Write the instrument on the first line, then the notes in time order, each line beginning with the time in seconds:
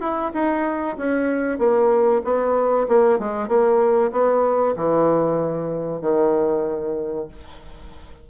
bassoon
0.00 E4
0.34 D#4
0.97 C#4
1.58 A#3
2.24 B3
2.88 A#3
3.19 G#3
3.48 A#3
4.12 B3
4.76 E3
6.01 D#3